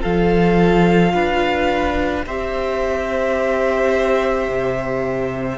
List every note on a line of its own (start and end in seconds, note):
0.00 1.14 F3
0.00 2.22 F4
0.00 1.12 A4
0.00 2.25 F5
1.13 2.25 D4
1.13 2.25 B4
2.25 4.48 C4
2.25 5.58 G4
2.25 5.58 C5
2.25 5.58 E5
4.48 5.58 C3